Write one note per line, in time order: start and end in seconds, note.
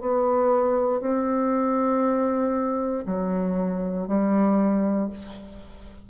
0.00 1.00 B3
1.00 3.04 C4
3.06 4.07 F#3
4.07 5.09 G3